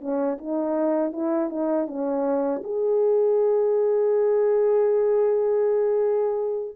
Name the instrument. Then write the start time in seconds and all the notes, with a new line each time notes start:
horn
0.00 C#4
0.38 D#4
1.12 E4
1.50 D#4
1.87 C#4
2.63 G#4